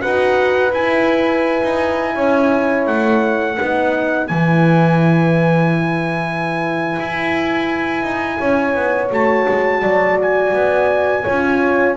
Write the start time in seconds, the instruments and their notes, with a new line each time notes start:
0.00 double bass D#4, horn F#4 B4, trumpet F#5
0.72 double bass E4, horn E4, trumpet G#5
1.63 double bass D#4
2.15 double bass C#4, horn C#5
2.87 double bass A3, trumpet F#5
3.57 double bass B3, horn D#4 B4
4.27 double bass E3, horn E4, trumpet G#5
6.99 double bass E4
8.03 double bass D#4
8.38 double bass C#4, horn C#5
8.75 double bass B3
9.11 double bass A3, horn F#4, trumpet A5
9.48 double bass G#3
9.82 double bass F#3, horn D5
10.21 trumpet G#5
10.53 double bass B3
11.24 double bass C#4, horn F4 C#5